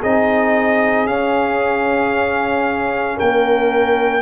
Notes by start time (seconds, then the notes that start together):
0.00 C4 D#4 G#4 D#5
1.07 C#4 F5
3.17 A#3 A#4 G5